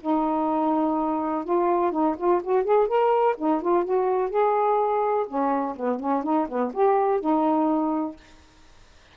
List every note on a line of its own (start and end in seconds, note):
0.00 1.44 D#4
1.44 1.91 F4
1.91 2.15 D#4
2.17 2.41 F4
2.43 2.64 F#4
2.64 2.87 G#4
2.87 3.35 A#4
3.37 3.61 D#4
3.61 3.84 F4
3.84 4.30 F#4
4.30 5.26 G#4
5.27 5.75 C#4
5.76 5.99 B3
5.99 6.23 C#4
6.23 6.47 D#4
6.48 6.72 B3
6.73 7.20 G4
7.20 8.16 D#4